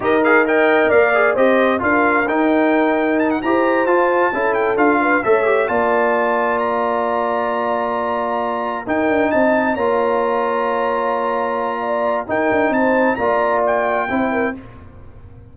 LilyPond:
<<
  \new Staff \with { instrumentName = "trumpet" } { \time 4/4 \tempo 4 = 132 dis''8 f''8 g''4 f''4 dis''4 | f''4 g''2 a''16 fis''16 ais''8~ | ais''8 a''4. g''8 f''4 e''8~ | e''8 a''2 ais''4.~ |
ais''2.~ ais''8 g''8~ | g''8 a''4 ais''2~ ais''8~ | ais''2. g''4 | a''4 ais''4 g''2 | }
  \new Staff \with { instrumentName = "horn" } { \time 4/4 ais'4 dis''4 d''4 c''4 | ais'2.~ ais'8 c''8~ | c''4. a'4. b'8 cis''8~ | cis''8 d''2.~ d''8~ |
d''2.~ d''8 ais'8~ | ais'8 dis''4 cis''2~ cis''8~ | cis''2 d''4 ais'4 | c''4 d''2 c''8 ais'8 | }
  \new Staff \with { instrumentName = "trombone" } { \time 4/4 g'8 gis'8 ais'4. gis'8 g'4 | f'4 dis'2~ dis'8 g'8~ | g'8 f'4 e'4 f'4 a'8 | g'8 f'2.~ f'8~ |
f'2.~ f'8 dis'8~ | dis'4. f'2~ f'8~ | f'2. dis'4~ | dis'4 f'2 e'4 | }
  \new Staff \with { instrumentName = "tuba" } { \time 4/4 dis'2 ais4 c'4 | d'4 dis'2~ dis'8 e'8~ | e'8 f'4 cis'4 d'4 a8~ | a8 ais2.~ ais8~ |
ais2.~ ais8 dis'8 | d'8 c'4 ais2~ ais8~ | ais2. dis'8 d'8 | c'4 ais2 c'4 | }
>>